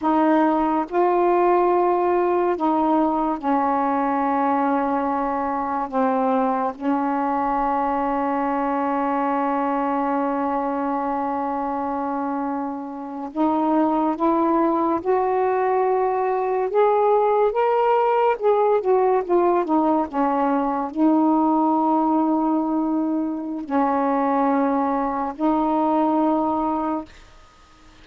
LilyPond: \new Staff \with { instrumentName = "saxophone" } { \time 4/4 \tempo 4 = 71 dis'4 f'2 dis'4 | cis'2. c'4 | cis'1~ | cis'2.~ cis'8. dis'16~ |
dis'8. e'4 fis'2 gis'16~ | gis'8. ais'4 gis'8 fis'8 f'8 dis'8 cis'16~ | cis'8. dis'2.~ dis'16 | cis'2 dis'2 | }